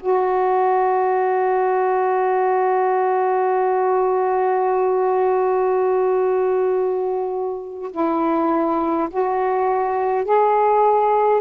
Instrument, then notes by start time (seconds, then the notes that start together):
saxophone
0.00 F#4
7.91 E4
9.10 F#4
10.25 G#4